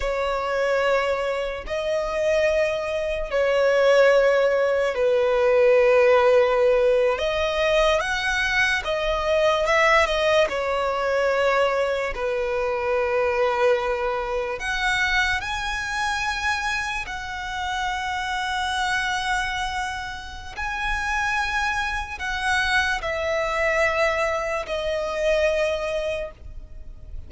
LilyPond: \new Staff \with { instrumentName = "violin" } { \time 4/4 \tempo 4 = 73 cis''2 dis''2 | cis''2 b'2~ | b'8. dis''4 fis''4 dis''4 e''16~ | e''16 dis''8 cis''2 b'4~ b'16~ |
b'4.~ b'16 fis''4 gis''4~ gis''16~ | gis''8. fis''2.~ fis''16~ | fis''4 gis''2 fis''4 | e''2 dis''2 | }